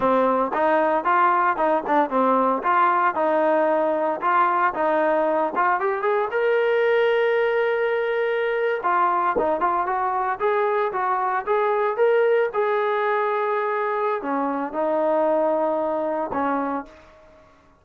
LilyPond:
\new Staff \with { instrumentName = "trombone" } { \time 4/4 \tempo 4 = 114 c'4 dis'4 f'4 dis'8 d'8 | c'4 f'4 dis'2 | f'4 dis'4. f'8 g'8 gis'8 | ais'1~ |
ais'8. f'4 dis'8 f'8 fis'4 gis'16~ | gis'8. fis'4 gis'4 ais'4 gis'16~ | gis'2. cis'4 | dis'2. cis'4 | }